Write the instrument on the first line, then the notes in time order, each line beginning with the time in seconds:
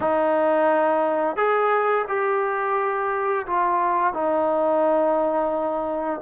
trombone
0.00 D#4
1.36 G#4
2.08 G4
3.46 F4
4.13 D#4